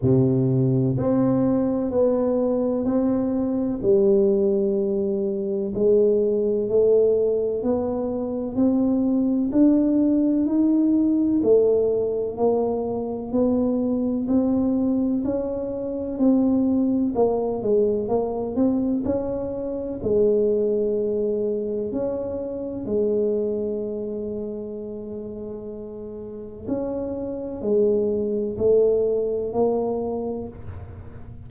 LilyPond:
\new Staff \with { instrumentName = "tuba" } { \time 4/4 \tempo 4 = 63 c4 c'4 b4 c'4 | g2 gis4 a4 | b4 c'4 d'4 dis'4 | a4 ais4 b4 c'4 |
cis'4 c'4 ais8 gis8 ais8 c'8 | cis'4 gis2 cis'4 | gis1 | cis'4 gis4 a4 ais4 | }